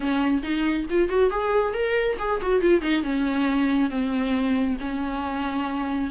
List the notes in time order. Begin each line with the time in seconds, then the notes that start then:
0.00 C#4
0.42 D#4
0.90 F4
1.08 F#4
1.30 G#4
1.73 A#4
2.19 G#4
2.41 F#4
2.61 F4
2.81 D#4
3.03 C#4
3.90 C4
4.79 C#4